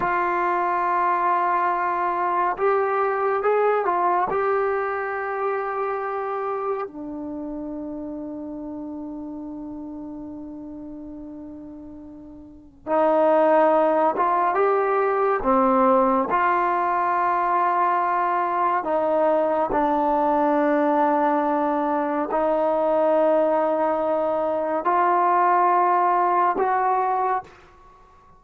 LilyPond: \new Staff \with { instrumentName = "trombone" } { \time 4/4 \tempo 4 = 70 f'2. g'4 | gis'8 f'8 g'2. | d'1~ | d'2. dis'4~ |
dis'8 f'8 g'4 c'4 f'4~ | f'2 dis'4 d'4~ | d'2 dis'2~ | dis'4 f'2 fis'4 | }